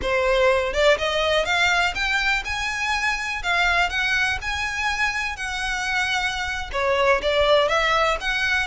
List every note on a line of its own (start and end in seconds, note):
0.02 0.73 C5
0.73 0.97 D5
0.98 1.45 D#5
1.45 1.94 F5
1.94 2.43 G5
2.45 3.42 G#5
3.42 3.89 F5
3.89 4.38 F#5
4.41 5.36 G#5
5.36 6.70 F#5
6.72 7.21 C#5
7.22 7.68 D5
7.68 8.17 E5
8.20 8.67 F#5